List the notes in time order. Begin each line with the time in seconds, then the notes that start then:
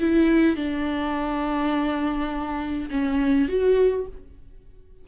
0.00 E4
0.56 D4
2.90 C#4
3.48 F#4